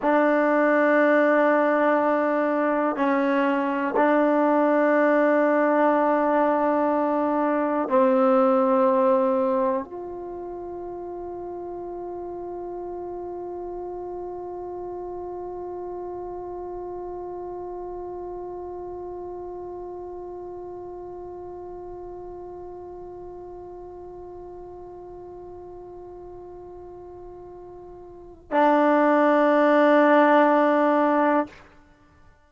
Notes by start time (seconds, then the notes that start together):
0.01 D4
2.96 C#4
3.96 D4
7.89 C4
9.84 F4
28.51 D4